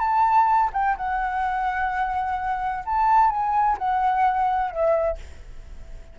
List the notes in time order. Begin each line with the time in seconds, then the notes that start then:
0.00 A5
0.73 G5
0.97 F#5
2.86 A5
3.30 G#5
3.78 F#5
4.71 E5